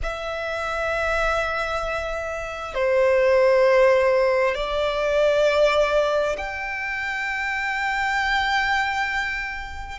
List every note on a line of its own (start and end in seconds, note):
0.02 2.74 E5
2.74 4.55 C5
4.55 6.36 D5
6.37 9.99 G5